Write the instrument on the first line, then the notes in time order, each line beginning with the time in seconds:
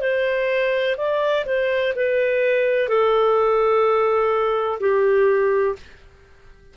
clarinet
0.00 C5
0.97 D5
1.45 C5
1.96 B4
2.88 A4
4.80 G4